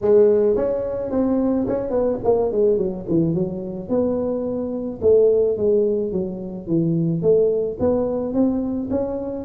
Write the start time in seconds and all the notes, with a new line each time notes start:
0.01 G#3
0.56 C#4
1.10 C4
1.67 C#4
1.90 B3
2.24 A#3
2.51 G#3
2.77 F#3
3.08 E3
3.34 F#3
3.88 B3
5.01 A3
5.57 G#3
6.11 F#3
6.67 E3
7.21 A3
7.79 B3
8.33 C4
8.90 C#4